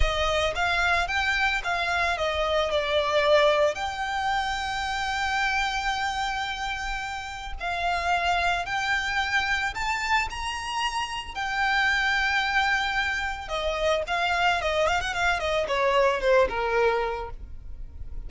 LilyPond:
\new Staff \with { instrumentName = "violin" } { \time 4/4 \tempo 4 = 111 dis''4 f''4 g''4 f''4 | dis''4 d''2 g''4~ | g''1~ | g''2 f''2 |
g''2 a''4 ais''4~ | ais''4 g''2.~ | g''4 dis''4 f''4 dis''8 f''16 fis''16 | f''8 dis''8 cis''4 c''8 ais'4. | }